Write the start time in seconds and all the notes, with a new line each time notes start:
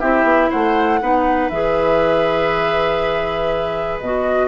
0.00 C4 E4 G4 E5
0.24 B3
0.50 A3 C5 F#5
1.01 B3 D#4 B4
1.50 E3 G#4 E5
4.00 B2 F#4 D#5